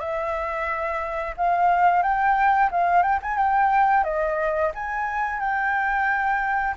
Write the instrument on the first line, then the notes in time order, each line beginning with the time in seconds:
flute
0.00 E5
1.37 F5
2.03 G5
2.72 F5
3.03 G5
3.22 G#5
3.38 G5
4.04 D#5
4.75 G#5
5.40 G5